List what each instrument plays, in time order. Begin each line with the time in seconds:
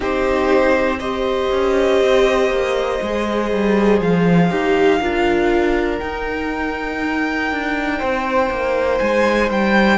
0.00 cello C4, viola D#4, violin G4 C5
0.99 viola G4, violin C5 D#5
1.51 cello C#4
2.01 cello C4
2.49 cello A#3
3.02 cello G#3, viola G#4
3.51 cello G3
4.00 cello F3, violin F5
4.50 cello D#4, viola G4
4.99 cello D4, viola F4, violin A#4
5.98 viola D#4, cello D#4, violin G5
7.51 cello D4
7.99 cello C4, violin C5
8.50 cello A#3
8.99 cello G#3, violin G#5
9.50 cello G3, violin G5